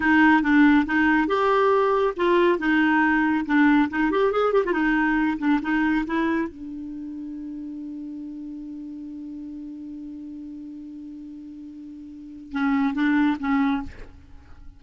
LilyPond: \new Staff \with { instrumentName = "clarinet" } { \time 4/4 \tempo 4 = 139 dis'4 d'4 dis'4 g'4~ | g'4 f'4 dis'2 | d'4 dis'8 g'8 gis'8 g'16 f'16 dis'4~ | dis'8 d'8 dis'4 e'4 d'4~ |
d'1~ | d'1~ | d'1~ | d'4 cis'4 d'4 cis'4 | }